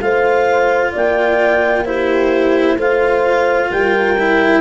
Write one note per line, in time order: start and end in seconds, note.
0.00 0.93 A3
0.00 1.85 F4
0.00 0.92 C5
0.00 0.92 F5
0.92 2.77 A#3
0.92 1.84 D5
0.92 1.85 G5
1.85 2.77 E4
1.85 2.76 G4
1.85 2.77 C5
2.76 3.69 A3
2.76 4.17 F4
2.76 3.69 C5
2.76 3.71 F5
3.69 4.61 G3
3.69 4.61 A#4
3.69 4.61 G5
4.18 4.61 E4